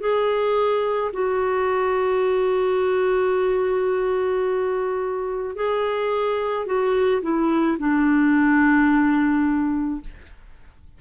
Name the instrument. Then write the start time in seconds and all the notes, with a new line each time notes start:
clarinet
0.00 G#4
1.13 F#4
5.56 G#4
6.66 F#4
7.22 E4
7.79 D4